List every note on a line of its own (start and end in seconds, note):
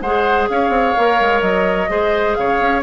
0.00 0.47 G#3
0.00 0.96 G#4
0.00 0.48 C5
0.00 0.47 F#5
0.49 0.69 C#4
0.49 1.90 C#5
0.49 1.41 F5
0.69 0.92 C4
0.96 1.20 A#3
0.96 1.88 A#4
1.20 1.41 G#3
1.41 1.88 F#3
1.41 2.34 D#5
1.88 2.36 G#3
1.88 2.82 G#4
1.88 2.37 C5
2.34 2.60 C#3
2.34 2.83 C#5
2.34 2.81 F5
2.60 2.83 C#4